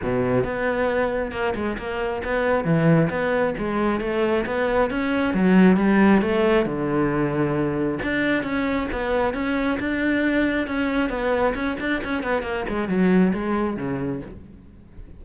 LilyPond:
\new Staff \with { instrumentName = "cello" } { \time 4/4 \tempo 4 = 135 b,4 b2 ais8 gis8 | ais4 b4 e4 b4 | gis4 a4 b4 cis'4 | fis4 g4 a4 d4~ |
d2 d'4 cis'4 | b4 cis'4 d'2 | cis'4 b4 cis'8 d'8 cis'8 b8 | ais8 gis8 fis4 gis4 cis4 | }